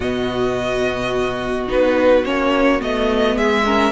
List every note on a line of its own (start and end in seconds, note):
0.00 1.68 B2
0.00 1.67 B3
0.00 3.35 F#4
0.00 1.68 D#5
1.67 2.25 B3
1.67 2.23 D#4
1.67 2.25 B4
2.24 2.81 A#3
2.24 2.79 C#4
2.24 2.81 C#5
2.79 3.36 A3
2.79 3.64 B3
2.79 3.37 D#5
3.35 3.91 G#3
3.35 3.63 G#4
3.35 3.91 E5
3.65 3.91 C#4
3.65 3.91 A#4